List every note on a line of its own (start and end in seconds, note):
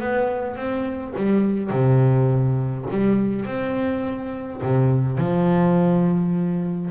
0.00 0.56 B3
0.56 1.14 C4
1.16 1.70 G3
1.70 2.86 C3
2.91 3.46 G3
3.46 4.61 C4
4.62 5.18 C3
5.18 6.91 F3